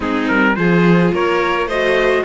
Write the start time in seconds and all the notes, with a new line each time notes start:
0.00 G#3 C4 D#4 G#4
0.28 G3 A#4
0.55 F3 F4 G#4 C5
1.12 A#3 A#4 C#5
1.66 A3 F#4 C5 D#5